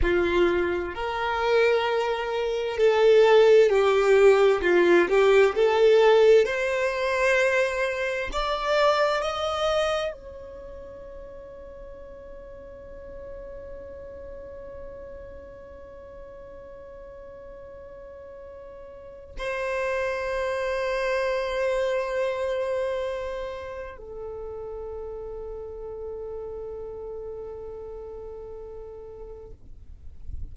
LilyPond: \new Staff \with { instrumentName = "violin" } { \time 4/4 \tempo 4 = 65 f'4 ais'2 a'4 | g'4 f'8 g'8 a'4 c''4~ | c''4 d''4 dis''4 cis''4~ | cis''1~ |
cis''1~ | cis''4 c''2.~ | c''2 a'2~ | a'1 | }